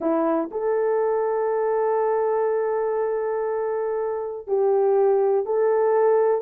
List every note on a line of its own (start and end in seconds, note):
0.00 0.50 E4
0.51 4.47 A4
4.47 5.45 G4
5.45 6.41 A4